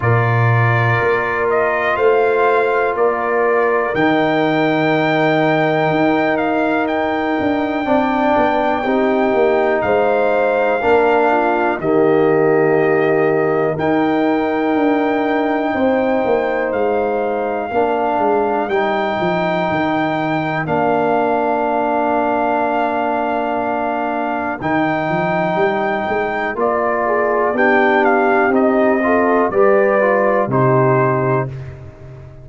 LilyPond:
<<
  \new Staff \with { instrumentName = "trumpet" } { \time 4/4 \tempo 4 = 61 d''4. dis''8 f''4 d''4 | g''2~ g''8 f''8 g''4~ | g''2 f''2 | dis''2 g''2~ |
g''4 f''2 g''4~ | g''4 f''2.~ | f''4 g''2 d''4 | g''8 f''8 dis''4 d''4 c''4 | }
  \new Staff \with { instrumentName = "horn" } { \time 4/4 ais'2 c''4 ais'4~ | ais'1 | d''4 g'4 c''4 ais'8 f'8 | g'2 ais'2 |
c''2 ais'2~ | ais'1~ | ais'2.~ ais'8 gis'8 | g'4. a'8 b'4 g'4 | }
  \new Staff \with { instrumentName = "trombone" } { \time 4/4 f'1 | dis'1 | d'4 dis'2 d'4 | ais2 dis'2~ |
dis'2 d'4 dis'4~ | dis'4 d'2.~ | d'4 dis'2 f'4 | d'4 dis'8 f'8 g'8 f'8 dis'4 | }
  \new Staff \with { instrumentName = "tuba" } { \time 4/4 ais,4 ais4 a4 ais4 | dis2 dis'4. d'8 | c'8 b8 c'8 ais8 gis4 ais4 | dis2 dis'4 d'4 |
c'8 ais8 gis4 ais8 gis8 g8 f8 | dis4 ais2.~ | ais4 dis8 f8 g8 gis8 ais4 | b4 c'4 g4 c4 | }
>>